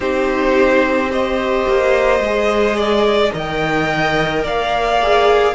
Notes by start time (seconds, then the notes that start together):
0.00 C4 D#4 G4 C5
1.09 G4 C5 D#5
1.67 A#3
2.19 G#3 G#4
2.76 D5
3.31 D#3 A#4 D#5
3.37 G5
4.43 A#3 D5 F5
5.02 G#4